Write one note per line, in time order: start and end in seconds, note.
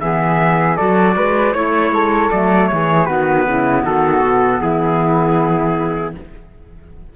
0.00 0.78 E3
0.00 0.77 B3
0.00 0.76 G#4
0.00 0.76 E5
0.76 1.16 F#3
0.76 1.53 F#4
0.76 1.14 A4
0.76 1.52 D5
1.16 1.54 G#3
1.16 1.53 B4
1.52 1.91 A3
1.52 2.30 E4
1.52 2.29 C#5
1.52 1.91 C#5
1.91 2.30 G#3
1.91 2.70 A4
2.30 2.71 F#3
2.30 3.08 A3
2.30 2.67 D5
2.67 3.08 E3
2.67 3.06 G#4
2.67 3.05 C#5
3.05 3.47 D#3
3.05 6.16 B3
3.05 3.44 F#4
3.05 3.82 B4
3.47 3.83 C#3
3.47 3.83 E4
3.83 4.22 D#3
3.83 4.60 F#4
3.83 4.61 A4
4.22 4.61 B2
4.61 6.15 E3
4.61 6.15 E4
4.61 6.15 G#4